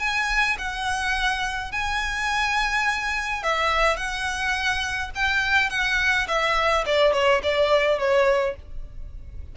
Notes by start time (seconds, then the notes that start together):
0.00 G#5
0.59 F#5
1.72 G#5
3.44 E5
3.97 F#5
5.16 G5
5.70 F#5
6.28 E5
6.86 D5
7.13 C#5
7.43 D5
7.99 C#5